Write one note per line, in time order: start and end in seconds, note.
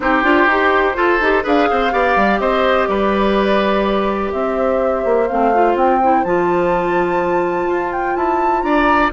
0.00 0.23 C4
0.00 0.23 D#4
0.00 0.96 G4
0.00 1.44 C5
0.23 0.47 D4
0.23 0.47 F4
0.47 0.95 D#4
0.47 0.94 G4
0.94 1.18 F4
0.94 1.19 F4
0.94 1.43 A4
1.20 1.44 D#4
1.20 1.42 G4
1.42 1.69 D4
1.42 1.90 G#4
1.42 1.67 B4
1.42 2.40 F5
1.70 1.93 C4
1.70 1.92 C5
1.91 2.16 B3
1.91 5.27 G4
1.91 2.40 D5
2.16 2.39 G3
2.39 2.87 C4
2.39 2.88 C5
2.39 2.87 D#5
2.87 4.32 G3
2.87 4.33 B4
2.87 4.31 D5
4.31 5.04 C4
4.31 8.64 C5
4.31 5.27 E5
5.04 5.28 A#3
5.27 5.75 A3
5.27 5.53 C4
5.27 5.75 F5
5.53 6.01 F4
5.75 6.23 C4
5.75 6.24 G5
6.02 6.25 E4
6.24 7.67 F3
6.24 9.12 F4
6.24 7.92 A5
7.67 8.15 F4
7.92 8.16 G5
8.16 8.63 E4
8.16 8.62 A5
8.62 9.11 D4
8.62 9.12 D5
8.62 9.10 A#5